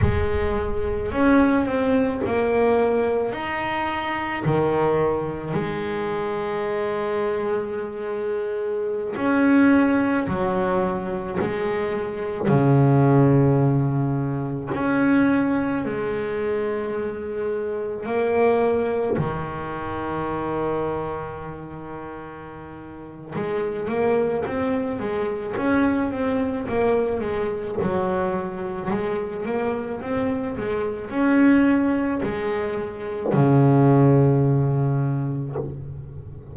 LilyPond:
\new Staff \with { instrumentName = "double bass" } { \time 4/4 \tempo 4 = 54 gis4 cis'8 c'8 ais4 dis'4 | dis4 gis2.~ | gis16 cis'4 fis4 gis4 cis8.~ | cis4~ cis16 cis'4 gis4.~ gis16~ |
gis16 ais4 dis2~ dis8.~ | dis4 gis8 ais8 c'8 gis8 cis'8 c'8 | ais8 gis8 fis4 gis8 ais8 c'8 gis8 | cis'4 gis4 cis2 | }